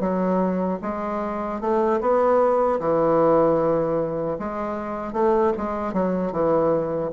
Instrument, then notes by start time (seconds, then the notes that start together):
bassoon
0.00 F#3
0.82 G#3
1.61 A3
2.01 B3
2.80 E3
4.39 G#3
5.13 A3
5.58 G#3
5.93 F#3
6.32 E3